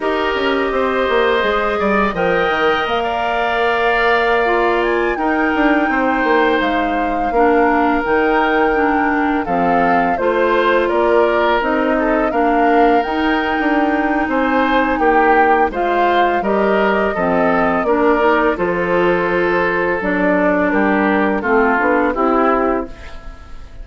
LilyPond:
<<
  \new Staff \with { instrumentName = "flute" } { \time 4/4 \tempo 4 = 84 dis''2. g''4 | f''2~ f''8. gis''8 g''8.~ | g''4~ g''16 f''2 g''8.~ | g''4~ g''16 f''4 c''4 d''8.~ |
d''16 dis''4 f''4 g''4.~ g''16 | gis''4 g''4 f''4 dis''4~ | dis''4 d''4 c''2 | d''4 ais'4 a'4 g'4 | }
  \new Staff \with { instrumentName = "oboe" } { \time 4/4 ais'4 c''4. d''8 dis''4~ | dis''16 d''2. ais'8.~ | ais'16 c''2 ais'4.~ ais'16~ | ais'4~ ais'16 a'4 c''4 ais'8.~ |
ais'8. a'8 ais'2~ ais'8. | c''4 g'4 c''4 ais'4 | a'4 ais'4 a'2~ | a'4 g'4 f'4 e'4 | }
  \new Staff \with { instrumentName = "clarinet" } { \time 4/4 g'2 gis'4 ais'4~ | ais'2~ ais'16 f'4 dis'8.~ | dis'2~ dis'16 d'4 dis'8.~ | dis'16 d'4 c'4 f'4.~ f'16~ |
f'16 dis'4 d'4 dis'4.~ dis'16~ | dis'2 f'4 g'4 | c'4 d'8 dis'8 f'2 | d'2 c'8 d'8 e'4 | }
  \new Staff \with { instrumentName = "bassoon" } { \time 4/4 dis'8 cis'8 c'8 ais8 gis8 g8 f8 dis8 | ais2.~ ais16 dis'8 d'16~ | d'16 c'8 ais8 gis4 ais4 dis8.~ | dis4~ dis16 f4 a4 ais8.~ |
ais16 c'4 ais4 dis'8. d'4 | c'4 ais4 gis4 g4 | f4 ais4 f2 | fis4 g4 a8 b8 c'4 | }
>>